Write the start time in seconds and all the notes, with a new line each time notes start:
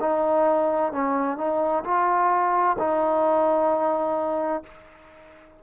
0.00 D#4
0.92 C#4
1.38 D#4
1.84 F4
2.79 D#4